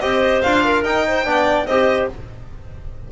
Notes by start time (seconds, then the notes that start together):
0.00 C4 G4 C5 D#5
0.41 D4 F4 F5
0.64 A#4
0.83 D#4 G5
1.07 C5
1.24 B3 D4 D5
1.66 C4 G4 C5 D#5